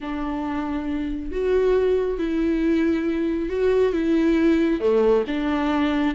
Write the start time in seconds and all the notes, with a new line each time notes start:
0.00 D4
1.31 F#4
2.18 E4
3.49 F#4
3.93 E4
4.80 A3
5.27 D4